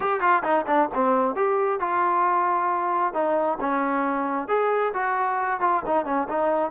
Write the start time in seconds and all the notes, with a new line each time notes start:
0.00 G4
0.20 F4
0.43 D#4
0.67 D4
0.94 C4
1.35 G4
1.80 F4
3.13 D#4
3.60 C#4
4.48 G#4
4.93 F#4
5.60 F4
5.86 D#4
6.05 C#4
6.28 D#4